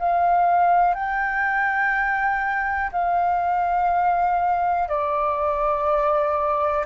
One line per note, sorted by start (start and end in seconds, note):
0.00 0.95 F5
0.95 2.92 G5
2.92 4.89 F5
4.89 6.86 D5